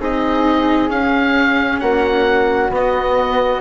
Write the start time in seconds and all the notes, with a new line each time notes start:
0.00 C4 D#4 G#4 D#5
0.89 C#4 F5
1.80 A#3 F#4 F#5
2.70 B3 D#5